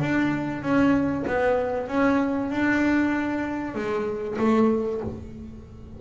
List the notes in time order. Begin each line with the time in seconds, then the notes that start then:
0.00 D4
0.62 C#4
1.27 B3
1.88 C#4
2.50 D4
3.74 G#3
4.38 A3